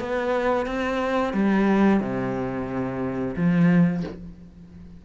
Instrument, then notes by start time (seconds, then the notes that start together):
cello
0.00 B3
0.66 C4
1.34 G3
2.01 C3
3.36 F3